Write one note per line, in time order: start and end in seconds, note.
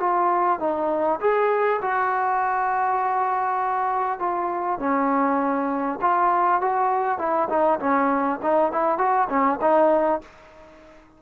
0.00 0.60 F4
0.60 1.20 D#4
1.21 1.81 G#4
1.82 4.20 F#4
4.20 4.79 F4
4.79 5.99 C#4
6.02 6.62 F4
6.62 7.19 F#4
7.19 7.49 E4
7.50 7.80 D#4
7.80 8.40 C#4
8.43 8.72 D#4
8.72 8.98 E4
8.98 9.28 F#4
9.30 9.60 C#4
9.61 10.21 D#4